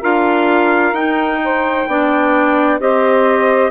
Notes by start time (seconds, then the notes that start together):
0.00 D4 F4 A#4 F5
0.93 D#4 G5
1.44 C5
1.88 B3 D4 D5
2.80 C4 G4 C5 D#5